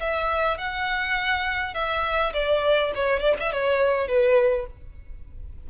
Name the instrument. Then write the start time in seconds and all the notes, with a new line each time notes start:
violin
0.00 E5
0.58 F#5
1.74 E5
2.34 D5
2.95 C#5
3.20 D5
3.40 E5
3.52 C#5
4.08 B4